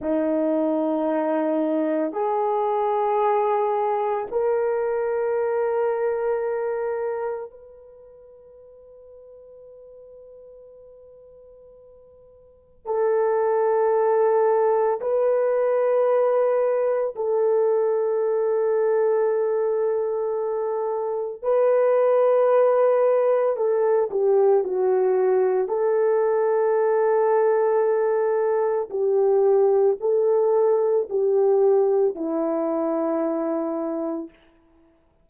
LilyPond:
\new Staff \with { instrumentName = "horn" } { \time 4/4 \tempo 4 = 56 dis'2 gis'2 | ais'2. b'4~ | b'1 | a'2 b'2 |
a'1 | b'2 a'8 g'8 fis'4 | a'2. g'4 | a'4 g'4 e'2 | }